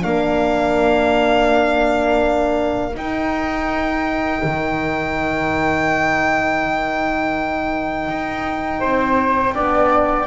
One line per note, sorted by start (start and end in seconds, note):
0.00 2.95 A#3
0.00 2.93 D4
0.00 8.80 A#4
0.00 2.96 F5
2.94 9.53 D#4
2.94 4.42 D#4
2.94 10.27 G5
4.43 8.08 D#3
8.08 8.82 D#4
8.80 9.55 C4
8.80 9.53 C5
9.54 10.27 B3
9.54 10.27 D4
9.54 10.27 D5